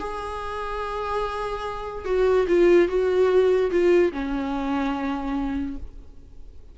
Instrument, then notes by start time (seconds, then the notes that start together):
viola
0.00 G#4
2.05 F#4
2.48 F4
2.88 F#4
3.71 F4
4.12 C#4